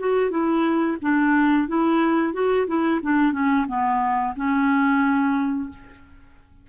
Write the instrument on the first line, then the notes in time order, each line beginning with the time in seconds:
clarinet
0.00 F#4
0.31 E4
1.02 D4
1.68 E4
2.34 F#4
2.68 E4
3.03 D4
3.33 C#4
3.68 B3
4.37 C#4